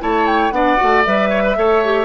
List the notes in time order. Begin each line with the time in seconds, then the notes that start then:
0.00 A3 E4 C#5 A5
0.27 G5
0.51 B3 D4 D5 F#5
0.77 A3 F#4
1.05 G3 B4 E5
1.30 C#5
1.44 B4
1.57 A3 A4 C#5
1.85 G4